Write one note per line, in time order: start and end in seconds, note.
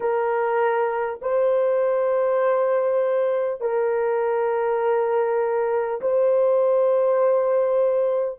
0.00 1.19 A#4
1.21 3.61 C5
3.61 6.01 A#4
6.01 8.38 C5